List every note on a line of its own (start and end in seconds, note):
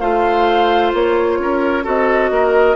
0.00 0.93 A3
0.00 1.84 F4
0.00 1.39 C5
0.00 0.92 F5
0.94 1.40 A#3
0.94 1.87 C#5
1.40 1.86 C#4
1.40 1.84 A#4
1.84 2.31 C4
1.84 2.76 F#4
1.84 2.30 A4
1.84 2.77 D#5
2.31 2.77 A#3
2.31 2.77 A#4